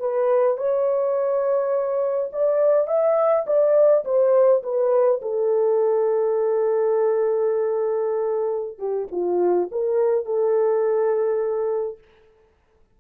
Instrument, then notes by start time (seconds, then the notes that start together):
horn
0.00 B4
0.58 C#5
2.33 D5
2.88 E5
3.47 D5
4.05 C5
4.63 B4
5.22 A4
8.79 G4
9.12 F4
9.72 A#4
10.25 A4